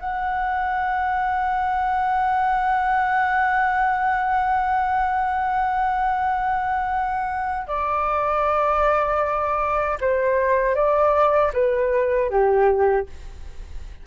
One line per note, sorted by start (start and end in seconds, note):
0.00 7.68 F#5
7.68 9.99 D5
10.01 10.76 C5
10.76 11.52 D5
11.53 12.30 B4
12.30 13.07 G4